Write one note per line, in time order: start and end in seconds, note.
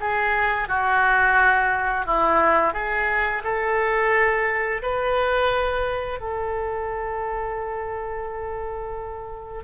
0.00 0.68 G#4
0.68 2.06 F#4
2.06 2.74 E4
2.74 3.43 G#4
3.44 4.82 A4
4.82 6.20 B4
6.20 9.64 A4